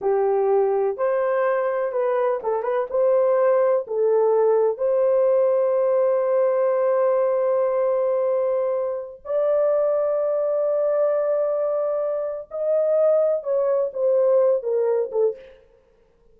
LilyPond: \new Staff \with { instrumentName = "horn" } { \time 4/4 \tempo 4 = 125 g'2 c''2 | b'4 a'8 b'8 c''2 | a'2 c''2~ | c''1~ |
c''2.~ c''16 d''8.~ | d''1~ | d''2 dis''2 | cis''4 c''4. ais'4 a'8 | }